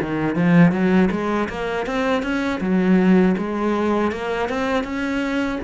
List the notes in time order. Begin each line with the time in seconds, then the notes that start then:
0.00 D#3
0.35 F3
0.71 F#3
1.10 G#3
1.49 A#3
1.86 C4
2.22 C#4
2.60 F#3
3.38 G#3
4.11 A#3
4.49 C4
4.83 C#4